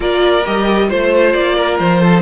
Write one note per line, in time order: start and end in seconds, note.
0.00 0.45 A#3
0.00 0.42 F4
0.00 0.87 A#4
0.00 0.46 D5
0.45 0.91 G3
0.45 0.88 G4
0.45 0.89 D#5
0.88 1.34 A3
0.88 2.11 F4
0.88 1.56 C5
0.88 1.32 C5
1.32 1.79 A#3
1.32 1.77 D5
1.56 2.01 A#4
1.78 2.21 F3
1.78 2.21 C5
2.01 2.21 A4
2.13 2.21 D#4